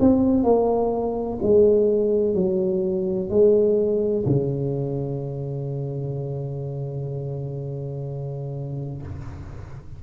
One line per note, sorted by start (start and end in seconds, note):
0.00 0.44 C4
0.44 1.39 A#3
1.43 2.35 G#3
2.35 3.30 F#3
3.30 4.25 G#3
4.26 9.02 C#3